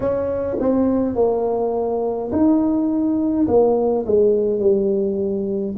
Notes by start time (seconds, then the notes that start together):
0.00 C#4
0.59 C4
1.15 A#3
2.31 D#4
3.47 A#3
4.05 G#3
4.59 G3